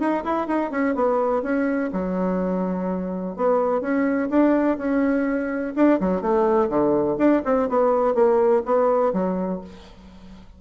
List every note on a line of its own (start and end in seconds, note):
0.00 0.24 D#4
0.24 0.48 E4
0.48 0.71 D#4
0.71 0.95 C#4
0.95 1.43 B3
1.43 1.91 C#4
1.93 3.36 F#3
3.36 3.81 B3
3.81 4.29 C#4
4.30 4.78 D4
4.78 5.74 C#4
5.76 6.00 D4
6.00 6.21 F#3
6.21 6.69 A3
6.69 7.17 D3
7.18 7.42 D4
7.45 7.69 C4
7.69 8.15 B3
8.15 8.63 A#3
8.65 9.13 B3
9.13 9.61 F#3